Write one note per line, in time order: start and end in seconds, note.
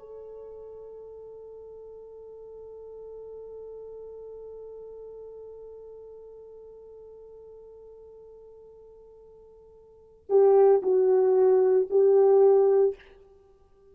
0.00 10.26 A4
10.30 10.82 G4
10.83 11.88 F#4
11.90 12.96 G4